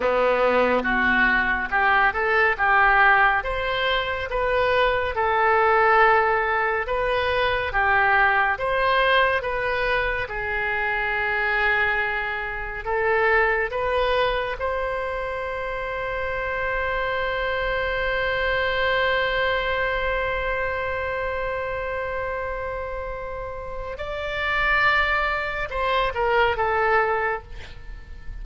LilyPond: \new Staff \with { instrumentName = "oboe" } { \time 4/4 \tempo 4 = 70 b4 fis'4 g'8 a'8 g'4 | c''4 b'4 a'2 | b'4 g'4 c''4 b'4 | gis'2. a'4 |
b'4 c''2.~ | c''1~ | c''1 | d''2 c''8 ais'8 a'4 | }